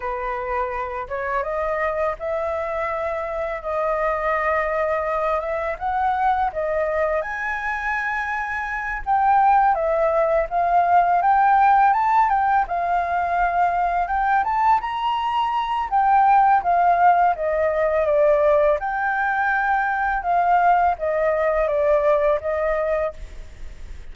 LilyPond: \new Staff \with { instrumentName = "flute" } { \time 4/4 \tempo 4 = 83 b'4. cis''8 dis''4 e''4~ | e''4 dis''2~ dis''8 e''8 | fis''4 dis''4 gis''2~ | gis''8 g''4 e''4 f''4 g''8~ |
g''8 a''8 g''8 f''2 g''8 | a''8 ais''4. g''4 f''4 | dis''4 d''4 g''2 | f''4 dis''4 d''4 dis''4 | }